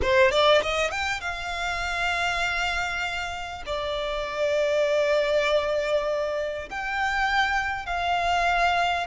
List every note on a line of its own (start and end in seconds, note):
0.02 0.31 C5
0.31 0.61 D5
0.62 0.90 D#5
0.90 1.20 G5
1.20 3.63 F5
3.66 6.69 D5
6.69 7.85 G5
7.85 9.07 F5